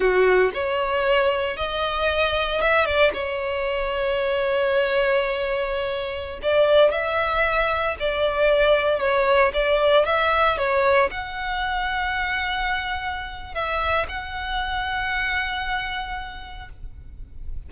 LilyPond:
\new Staff \with { instrumentName = "violin" } { \time 4/4 \tempo 4 = 115 fis'4 cis''2 dis''4~ | dis''4 e''8 d''8 cis''2~ | cis''1~ | cis''16 d''4 e''2 d''8.~ |
d''4~ d''16 cis''4 d''4 e''8.~ | e''16 cis''4 fis''2~ fis''8.~ | fis''2 e''4 fis''4~ | fis''1 | }